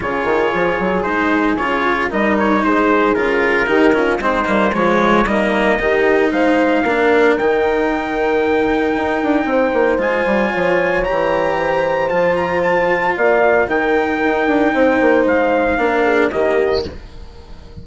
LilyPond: <<
  \new Staff \with { instrumentName = "trumpet" } { \time 4/4 \tempo 4 = 114 cis''2 c''4 cis''4 | dis''8 cis''8 c''4 ais'2 | c''4 cis''4 dis''2 | f''2 g''2~ |
g''2. gis''4~ | gis''4 ais''2 a''8 ais''8 | a''4 f''4 g''2~ | g''4 f''2 dis''4 | }
  \new Staff \with { instrumentName = "horn" } { \time 4/4 gis'1 | ais'4 gis'2 g'8 f'8 | dis'4 f'4 dis'4 g'4 | c''4 ais'2.~ |
ais'2 c''2 | cis''2 c''2~ | c''4 d''4 ais'2 | c''2 ais'8 gis'8 g'4 | }
  \new Staff \with { instrumentName = "cello" } { \time 4/4 f'2 dis'4 f'4 | dis'2 f'4 dis'8 cis'8 | c'8 ais8 gis4 ais4 dis'4~ | dis'4 d'4 dis'2~ |
dis'2. f'4~ | f'4 g'2 f'4~ | f'2 dis'2~ | dis'2 d'4 ais4 | }
  \new Staff \with { instrumentName = "bassoon" } { \time 4/4 cis8 dis8 f8 fis8 gis4 cis4 | g4 gis4 cis4 dis4 | gis8 g8 f4 g4 dis4 | gis4 ais4 dis2~ |
dis4 dis'8 d'8 c'8 ais8 gis8 g8 | f4 e2 f4~ | f4 ais4 dis4 dis'8 d'8 | c'8 ais8 gis4 ais4 dis4 | }
>>